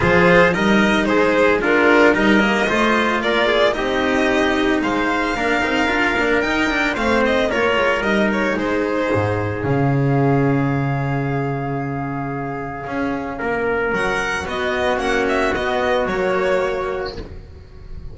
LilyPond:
<<
  \new Staff \with { instrumentName = "violin" } { \time 4/4 \tempo 4 = 112 c''4 dis''4 c''4 ais'4 | dis''2 d''4 dis''4~ | dis''4 f''2. | g''4 f''8 dis''8 cis''4 dis''8 cis''8 |
c''2 f''2~ | f''1~ | f''2 fis''4 dis''4 | fis''8 e''8 dis''4 cis''2 | }
  \new Staff \with { instrumentName = "trumpet" } { \time 4/4 gis'4 ais'4 gis'4 f'4 | ais'4 c''4 ais'8 gis'8 g'4~ | g'4 c''4 ais'2~ | ais'4 c''4 ais'2 |
gis'1~ | gis'1~ | gis'4 ais'2 fis'4~ | fis'1 | }
  \new Staff \with { instrumentName = "cello" } { \time 4/4 f'4 dis'2 d'4 | dis'8 ais8 f'2 dis'4~ | dis'2 d'8 dis'8 f'8 d'8 | dis'8 d'8 c'4 f'4 dis'4~ |
dis'2 cis'2~ | cis'1~ | cis'2. b4 | cis'4 b4 ais2 | }
  \new Staff \with { instrumentName = "double bass" } { \time 4/4 f4 g4 gis2 | g4 a4 ais4 c'4~ | c'4 gis4 ais8 c'8 d'8 ais8 | dis'4 a4 ais8 gis8 g4 |
gis4 gis,4 cis2~ | cis1 | cis'4 ais4 fis4 b4 | ais4 b4 fis2 | }
>>